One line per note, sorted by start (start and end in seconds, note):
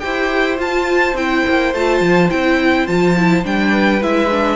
0.00 0.58 E4
0.00 0.57 G4
0.00 3.72 C5
0.00 0.57 G5
0.57 1.14 F4
0.57 1.17 A5
1.14 1.42 C4
1.14 1.74 E4
1.14 1.74 G5
1.48 1.74 A#3
1.74 2.01 A3
1.74 2.30 F4
1.74 2.30 A5
2.01 2.29 F3
2.30 2.87 C4
2.30 2.87 E4
2.30 2.87 G5
2.87 3.45 F3
2.87 3.16 F4
2.87 3.44 A5
3.17 3.44 E4
3.44 4.01 G3
3.44 4.01 D4
3.44 4.03 G5
3.72 4.56 B4
4.01 4.56 G#3
4.01 4.30 E4
4.01 4.56 E5
4.31 4.56 D4